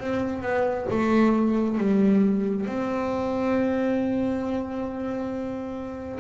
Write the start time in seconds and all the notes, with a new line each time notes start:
0.00 C4
0.42 B3
0.90 A3
1.78 G3
2.66 C4